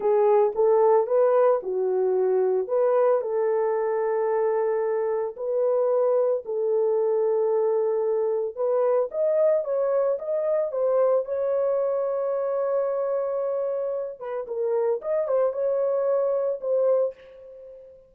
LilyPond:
\new Staff \with { instrumentName = "horn" } { \time 4/4 \tempo 4 = 112 gis'4 a'4 b'4 fis'4~ | fis'4 b'4 a'2~ | a'2 b'2 | a'1 |
b'4 dis''4 cis''4 dis''4 | c''4 cis''2.~ | cis''2~ cis''8 b'8 ais'4 | dis''8 c''8 cis''2 c''4 | }